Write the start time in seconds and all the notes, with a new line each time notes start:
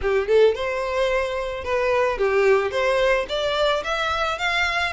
0.01 G4
0.27 A4
0.54 C5
1.64 B4
2.18 G4
2.71 C5
3.28 D5
3.84 E5
4.38 F5